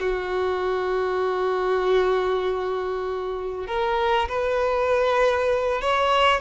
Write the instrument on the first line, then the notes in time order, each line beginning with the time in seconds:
violin
0.00 F#4
3.67 A#4
4.28 B4
5.81 C#5